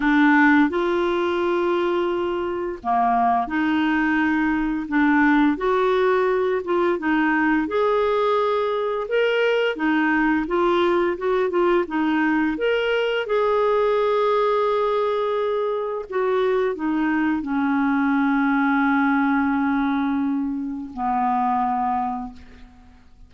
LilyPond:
\new Staff \with { instrumentName = "clarinet" } { \time 4/4 \tempo 4 = 86 d'4 f'2. | ais4 dis'2 d'4 | fis'4. f'8 dis'4 gis'4~ | gis'4 ais'4 dis'4 f'4 |
fis'8 f'8 dis'4 ais'4 gis'4~ | gis'2. fis'4 | dis'4 cis'2.~ | cis'2 b2 | }